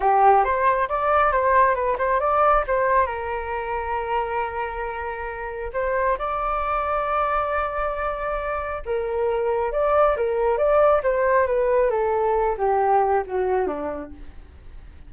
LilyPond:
\new Staff \with { instrumentName = "flute" } { \time 4/4 \tempo 4 = 136 g'4 c''4 d''4 c''4 | b'8 c''8 d''4 c''4 ais'4~ | ais'1~ | ais'4 c''4 d''2~ |
d''1 | ais'2 d''4 ais'4 | d''4 c''4 b'4 a'4~ | a'8 g'4. fis'4 d'4 | }